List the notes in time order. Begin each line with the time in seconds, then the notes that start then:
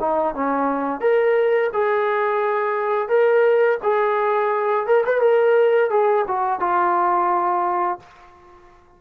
0.00 D#4
0.35 C#4
1.01 A#4
1.73 G#4
3.09 A#4
3.83 G#4
4.87 A#4
5.06 B4
5.21 A#4
5.90 G#4
6.28 F#4
6.60 F4